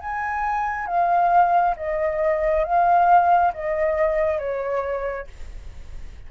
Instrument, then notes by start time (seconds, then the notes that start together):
flute
0.00 G#5
0.87 F5
1.77 D#5
2.64 F5
3.54 D#5
4.39 C#5